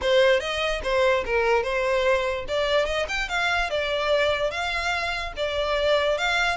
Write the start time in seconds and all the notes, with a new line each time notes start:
0.01 C5
0.40 D#5
0.83 C5
1.25 A#4
1.63 C5
2.48 D5
2.85 D#5
3.08 G5
3.29 F5
3.70 D5
4.50 F5
5.36 D5
6.18 F5